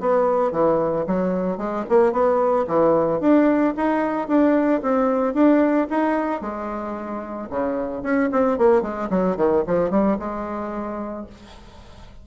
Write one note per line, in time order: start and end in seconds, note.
0.00 0.51 B3
0.51 1.05 E3
1.07 1.57 F#3
1.57 1.84 G#3
1.89 2.12 A#3
2.12 2.66 B3
2.67 3.20 E3
3.20 3.74 D4
3.76 4.28 D#4
4.28 4.81 D4
4.82 5.34 C4
5.34 5.88 D4
5.90 6.41 D#4
6.41 7.48 G#3
7.50 8.03 C#3
8.03 8.29 C#4
8.32 8.58 C4
8.58 8.82 A#3
8.82 9.09 G#3
9.10 9.37 F#3
9.37 9.63 D#3
9.66 9.90 F3
9.90 10.17 G3
10.19 11.26 G#3